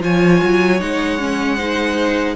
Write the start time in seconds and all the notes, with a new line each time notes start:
0.00 F3 F4 C#5 G#5
0.42 F#3
0.79 G#3 D#4 F#5
1.19 C#4
1.56 D#4 C5